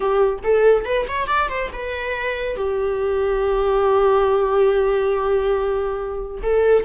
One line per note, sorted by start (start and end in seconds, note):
0.00 0.38 G4
0.43 0.85 A4
0.85 1.06 B4
1.08 1.27 C#5
1.27 1.48 D5
1.48 1.70 C5
1.72 2.56 B4
2.56 6.42 G4
6.42 6.84 A4